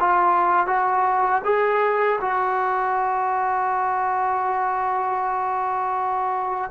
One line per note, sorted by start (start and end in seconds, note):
0.00 0.67 F4
0.67 1.42 F#4
1.45 2.20 G#4
2.21 6.71 F#4